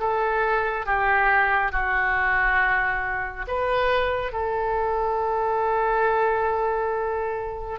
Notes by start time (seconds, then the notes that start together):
0.00 A4
0.86 G4
1.72 F#4
3.48 B4
4.33 A4